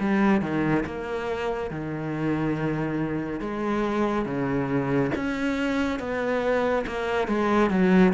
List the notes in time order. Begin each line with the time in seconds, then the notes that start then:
0.00 G3
0.42 D#3
0.86 A#3
1.71 D#3
3.41 G#3
4.26 C#3
5.16 C#4
6.00 B3
6.87 A#3
7.28 G#3
7.71 F#3